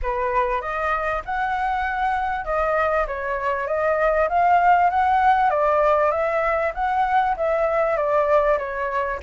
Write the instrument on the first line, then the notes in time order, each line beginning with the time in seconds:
flute
0.02 B4
0.61 D#5
1.25 F#5
2.45 D#5
3.07 C#5
3.67 D#5
4.29 F5
4.90 F#5
5.49 D5
6.11 E5
6.74 F#5
7.36 E5
7.96 D5
8.58 C#5